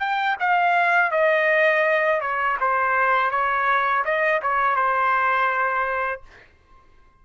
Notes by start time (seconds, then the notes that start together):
0.00 G5
0.40 F5
1.11 D#5
2.21 C#5
2.61 C5
3.31 C#5
4.05 D#5
4.42 C#5
4.76 C5